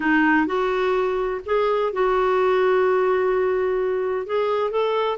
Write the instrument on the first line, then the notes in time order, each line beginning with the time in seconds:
clarinet
0.00 D#4
0.46 F#4
1.45 G#4
1.92 F#4
4.26 G#4
4.71 A4